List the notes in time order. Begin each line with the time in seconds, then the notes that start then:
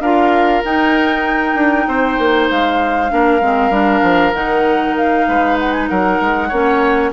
0.00 D4 F4 A#4 F5
0.64 D#4 G5
1.55 D4
1.87 C4 C5
2.18 A#3
2.50 G#3 F5
3.10 A#3 D4 A#4
3.41 G#3 C4
3.70 G3 D4
4.02 F3
4.33 D#3 D#4 F#5
4.96 F5
5.28 G#3 B4
5.59 F#5
5.71 G#5
5.88 F#3 A#4 F#5
6.20 G#3
6.48 A#3 C#4 C#5